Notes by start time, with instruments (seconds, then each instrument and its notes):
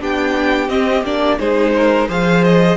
0.00 cello B3, viola D4, violin G4 G5
0.68 cello C4, viola C4, violin D#5
1.03 cello A#3, viola D4, violin D5
1.39 cello G#3, viola D#4, violin G#4 C5
1.76 violin A#4
2.08 cello F3, viola G#4, violin C5 F5
2.44 violin D#5